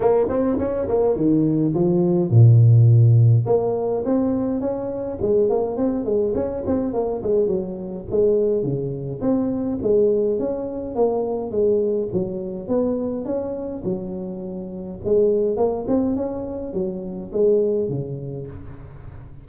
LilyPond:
\new Staff \with { instrumentName = "tuba" } { \time 4/4 \tempo 4 = 104 ais8 c'8 cis'8 ais8 dis4 f4 | ais,2 ais4 c'4 | cis'4 gis8 ais8 c'8 gis8 cis'8 c'8 | ais8 gis8 fis4 gis4 cis4 |
c'4 gis4 cis'4 ais4 | gis4 fis4 b4 cis'4 | fis2 gis4 ais8 c'8 | cis'4 fis4 gis4 cis4 | }